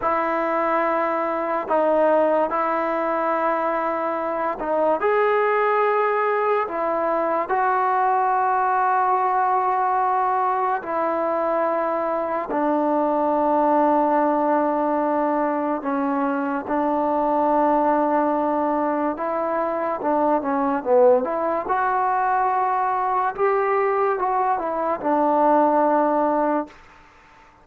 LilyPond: \new Staff \with { instrumentName = "trombone" } { \time 4/4 \tempo 4 = 72 e'2 dis'4 e'4~ | e'4. dis'8 gis'2 | e'4 fis'2.~ | fis'4 e'2 d'4~ |
d'2. cis'4 | d'2. e'4 | d'8 cis'8 b8 e'8 fis'2 | g'4 fis'8 e'8 d'2 | }